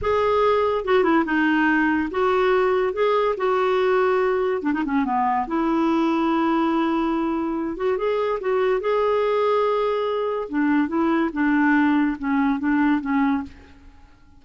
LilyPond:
\new Staff \with { instrumentName = "clarinet" } { \time 4/4 \tempo 4 = 143 gis'2 fis'8 e'8 dis'4~ | dis'4 fis'2 gis'4 | fis'2. d'16 dis'16 cis'8 | b4 e'2.~ |
e'2~ e'8 fis'8 gis'4 | fis'4 gis'2.~ | gis'4 d'4 e'4 d'4~ | d'4 cis'4 d'4 cis'4 | }